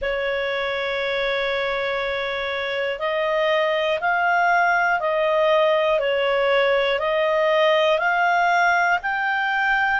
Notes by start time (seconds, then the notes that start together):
0.01 C#5
2.99 D#5
4.00 F5
5.00 D#5
6.00 C#5
6.99 D#5
7.98 F5
9.02 G5